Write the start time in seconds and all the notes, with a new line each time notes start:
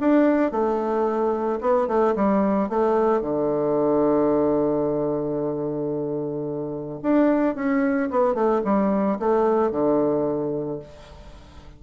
0.00 D4
0.52 A3
1.61 B3
1.87 A3
2.16 G3
2.69 A3
3.21 D3
7.02 D4
7.55 C#4
8.10 B3
8.34 A3
8.65 G3
9.19 A3
9.71 D3